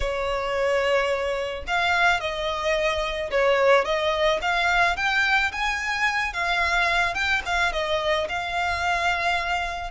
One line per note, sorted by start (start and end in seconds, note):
0.00 1.64 C#5
1.67 2.20 F5
2.20 3.30 D#5
3.30 3.84 C#5
3.84 4.39 D#5
4.41 4.96 F5
4.96 5.51 G5
5.52 6.33 G#5
6.33 7.14 F5
7.14 7.41 G5
7.45 7.72 F5
7.72 8.27 D#5
8.28 9.90 F5